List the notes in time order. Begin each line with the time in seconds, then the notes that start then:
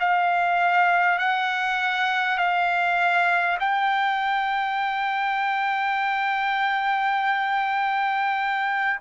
0.00 F5
1.18 F#5
2.38 F5
3.59 G5